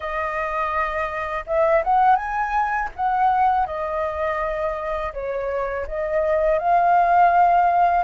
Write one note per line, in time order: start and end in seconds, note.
0.00 1.44 D#5
1.46 1.83 E5
1.84 2.16 F#5
2.16 2.89 G#5
2.96 3.66 F#5
3.66 5.12 D#5
5.13 5.86 C#5
5.87 6.59 D#5
6.59 8.04 F5